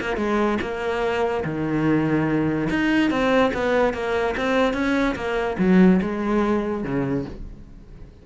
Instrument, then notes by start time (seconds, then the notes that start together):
cello
0.00 A#3
0.16 G#3
0.61 A#3
1.44 D#3
2.70 D#4
3.10 C4
3.53 B3
3.93 A#3
4.37 C4
4.73 C#4
5.15 A#3
5.58 F#3
6.02 G#3
6.84 C#3